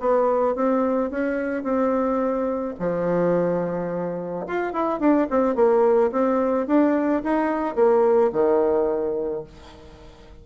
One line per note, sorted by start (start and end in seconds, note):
0.00 0.55 B3
0.55 1.11 C4
1.11 1.64 C#4
1.64 2.75 C4
2.80 4.46 F3
4.47 4.73 F4
4.73 5.00 E4
5.00 5.28 D4
5.30 5.55 C4
5.55 6.11 A#3
6.12 6.67 C4
6.67 7.22 D4
7.23 7.75 D#4
7.75 8.31 A#3
8.33 9.44 D#3